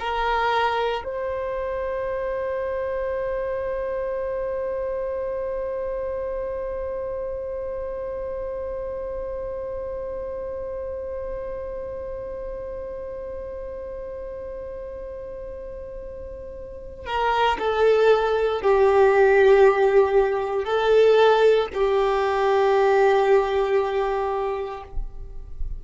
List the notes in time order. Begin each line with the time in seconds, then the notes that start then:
0.00 A#4
1.04 C5
17.06 A#4
17.59 A4
18.62 G4
20.64 A4
21.73 G4